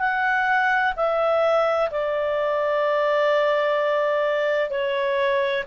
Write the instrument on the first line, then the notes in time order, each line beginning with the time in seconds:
clarinet
0.00 F#5
0.97 E5
1.91 D5
4.70 C#5